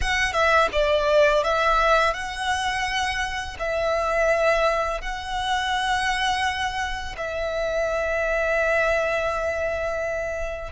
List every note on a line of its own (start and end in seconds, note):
0.01 0.32 F#5
0.32 0.68 E5
0.72 1.43 D5
1.43 2.13 E5
2.13 3.56 F#5
3.59 5.01 E5
5.01 7.15 F#5
7.17 10.72 E5